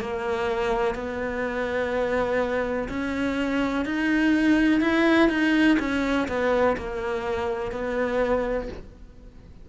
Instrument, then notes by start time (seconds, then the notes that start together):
cello
0.00 A#3
0.95 B3
2.88 C#4
3.85 D#4
4.80 E4
5.29 D#4
5.78 C#4
6.28 B3
6.77 A#3
7.72 B3